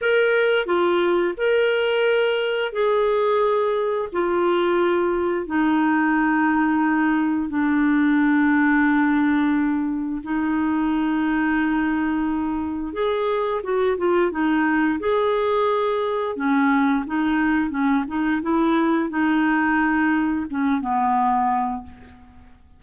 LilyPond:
\new Staff \with { instrumentName = "clarinet" } { \time 4/4 \tempo 4 = 88 ais'4 f'4 ais'2 | gis'2 f'2 | dis'2. d'4~ | d'2. dis'4~ |
dis'2. gis'4 | fis'8 f'8 dis'4 gis'2 | cis'4 dis'4 cis'8 dis'8 e'4 | dis'2 cis'8 b4. | }